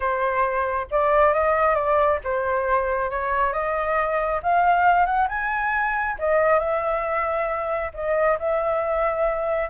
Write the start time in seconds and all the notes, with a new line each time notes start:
0.00 C5
0.90 D5
1.33 D#5
1.74 D5
2.23 C5
3.10 C#5
3.52 D#5
4.42 F5
5.05 F#5
5.28 G#5
6.18 D#5
6.59 E5
7.94 D#5
8.39 E5